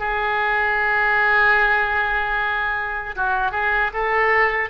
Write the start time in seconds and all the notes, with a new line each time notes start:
0.00 G#4
3.16 F#4
3.52 G#4
3.94 A4